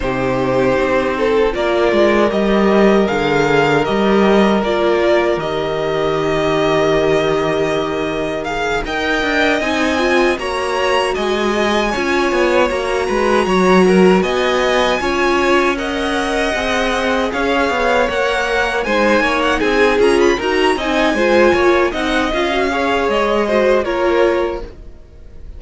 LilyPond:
<<
  \new Staff \with { instrumentName = "violin" } { \time 4/4 \tempo 4 = 78 c''2 d''4 dis''4 | f''4 dis''4 d''4 dis''4~ | dis''2. f''8 g''8~ | g''8 gis''4 ais''4 gis''4.~ |
gis''8 ais''2 gis''4.~ | gis''8 fis''2 f''4 fis''8~ | fis''8 gis''8. fis''16 gis''8 ais''16 b''16 ais''8 gis''4~ | gis''8 fis''8 f''4 dis''4 cis''4 | }
  \new Staff \with { instrumentName = "violin" } { \time 4/4 g'4. a'8 ais'2~ | ais'1~ | ais'2.~ ais'8 dis''8~ | dis''4. cis''4 dis''4 cis''8~ |
cis''4 b'8 cis''8 ais'8 dis''4 cis''8~ | cis''8 dis''2 cis''4.~ | cis''8 c''8 cis''8 gis'4 ais'8 dis''8 c''8 | cis''8 dis''4 cis''4 c''8 ais'4 | }
  \new Staff \with { instrumentName = "viola" } { \time 4/4 dis'2 f'4 g'4 | gis'4 g'4 f'4 g'4~ | g'2. gis'8 ais'8~ | ais'8 dis'8 f'8 fis'2 f'8~ |
f'8 fis'2. f'8~ | f'8 ais'4 gis'2 ais'8~ | ais'8 dis'4. f'8 fis'8 dis'8 f'8~ | f'8 dis'8 f'16 fis'16 gis'4 fis'8 f'4 | }
  \new Staff \with { instrumentName = "cello" } { \time 4/4 c4 c'4 ais8 gis8 g4 | d4 g4 ais4 dis4~ | dis2.~ dis8 dis'8 | d'8 c'4 ais4 gis4 cis'8 |
b8 ais8 gis8 fis4 b4 cis'8~ | cis'4. c'4 cis'8 b8 ais8~ | ais8 gis8 ais8 c'8 cis'8 dis'8 c'8 gis8 | ais8 c'8 cis'4 gis4 ais4 | }
>>